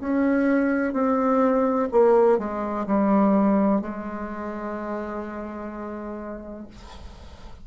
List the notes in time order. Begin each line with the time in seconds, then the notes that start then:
0.00 C#4
0.93 C4
1.91 A#3
2.38 G#3
2.86 G3
3.81 G#3